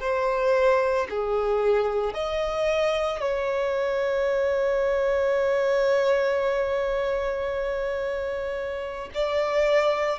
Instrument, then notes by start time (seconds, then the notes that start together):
violin
0.00 C5
1.10 G#4
2.14 D#5
3.20 C#5
9.14 D5